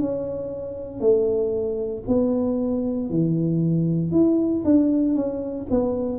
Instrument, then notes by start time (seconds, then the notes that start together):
tuba
0.00 C#4
1.01 A3
2.07 B3
3.10 E3
4.12 E4
4.65 D4
5.15 C#4
5.71 B3